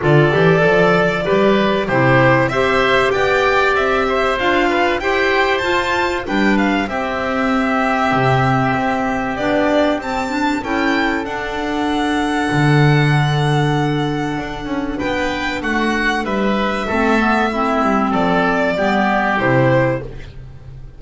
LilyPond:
<<
  \new Staff \with { instrumentName = "violin" } { \time 4/4 \tempo 4 = 96 d''2. c''4 | e''4 g''4 e''4 f''4 | g''4 a''4 g''8 f''8 e''4~ | e''2. d''4 |
a''4 g''4 fis''2~ | fis''1 | g''4 fis''4 e''2~ | e''4 d''2 c''4 | }
  \new Staff \with { instrumentName = "oboe" } { \time 4/4 a'2 b'4 g'4 | c''4 d''4. c''4 b'8 | c''2 b'4 g'4~ | g'1~ |
g'4 a'2.~ | a'1 | b'4 fis'4 b'4 a'4 | e'4 a'4 g'2 | }
  \new Staff \with { instrumentName = "clarinet" } { \time 4/4 f'8 g'8 a'4 g'4 e'4 | g'2. f'4 | g'4 f'4 d'4 c'4~ | c'2. d'4 |
c'8 d'8 e'4 d'2~ | d'1~ | d'2. c'8 b8 | c'2 b4 e'4 | }
  \new Staff \with { instrumentName = "double bass" } { \time 4/4 d8 e8 f4 g4 c4 | c'4 b4 c'4 d'4 | e'4 f'4 g4 c'4~ | c'4 c4 c'4 b4 |
c'4 cis'4 d'2 | d2. d'8 cis'8 | b4 a4 g4 a4~ | a8 g8 f4 g4 c4 | }
>>